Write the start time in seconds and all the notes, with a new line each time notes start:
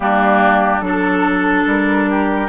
0.00 G3 A#3 D4 G4
0.81 F#3 D4 A4
0.87 A4
1.66 G3 A#4
2.10 G4